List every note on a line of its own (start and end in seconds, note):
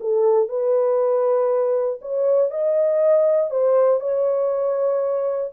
0.00 0.48 A4
0.48 2.00 B4
2.01 2.50 C#5
2.50 3.50 D#5
3.50 4.00 C5
4.00 5.51 C#5